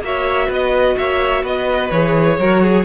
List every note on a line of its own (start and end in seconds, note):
0.00 0.47 A#3
0.00 1.92 F#4
0.00 0.47 C#5
0.00 0.51 E5
0.47 0.96 B3
0.47 0.94 B4
0.47 0.97 D#5
0.97 1.43 A#3
0.97 1.43 C#5
0.97 1.44 E5
1.43 1.90 B3
1.43 2.37 B4
1.43 1.90 D#5
1.90 2.38 E3
1.90 2.40 G#4
1.90 2.85 C#5
2.38 2.85 F#3
2.38 2.85 F#4
2.38 2.62 A#4
2.62 2.85 G#4